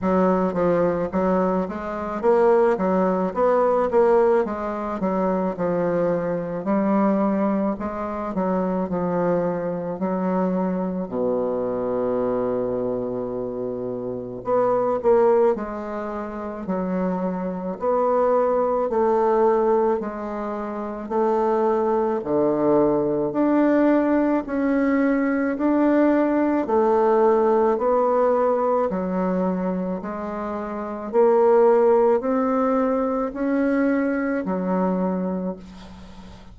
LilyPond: \new Staff \with { instrumentName = "bassoon" } { \time 4/4 \tempo 4 = 54 fis8 f8 fis8 gis8 ais8 fis8 b8 ais8 | gis8 fis8 f4 g4 gis8 fis8 | f4 fis4 b,2~ | b,4 b8 ais8 gis4 fis4 |
b4 a4 gis4 a4 | d4 d'4 cis'4 d'4 | a4 b4 fis4 gis4 | ais4 c'4 cis'4 fis4 | }